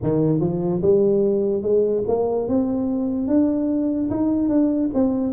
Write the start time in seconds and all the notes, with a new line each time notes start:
0.02 D#3
0.40 F3
0.82 G3
1.62 G#3
2.07 A#3
2.47 C4
3.27 D4
4.10 D#4
4.48 D4
4.94 C4